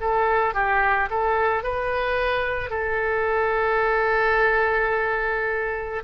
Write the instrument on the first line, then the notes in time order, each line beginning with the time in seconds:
oboe
0.00 A4
0.54 G4
1.10 A4
1.63 B4
2.70 A4